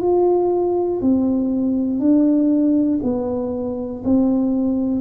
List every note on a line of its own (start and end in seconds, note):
0.00 1.00 F4
1.01 2.00 C4
2.00 3.00 D4
3.03 4.03 B3
4.04 5.01 C4